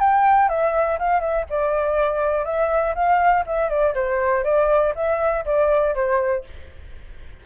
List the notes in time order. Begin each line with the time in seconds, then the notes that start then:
0.00 G5
0.49 E5
0.99 F5
1.21 E5
1.50 D5
2.45 E5
2.95 F5
3.47 E5
3.69 D5
3.95 C5
4.44 D5
4.95 E5
5.46 D5
5.95 C5